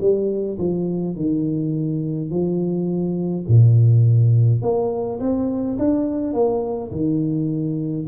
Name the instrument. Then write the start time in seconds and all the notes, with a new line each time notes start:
tuba
0.00 G3
0.58 F3
1.15 D#3
2.30 F3
3.47 A#2
4.62 A#3
5.19 C4
5.78 D4
6.33 A#3
6.91 D#3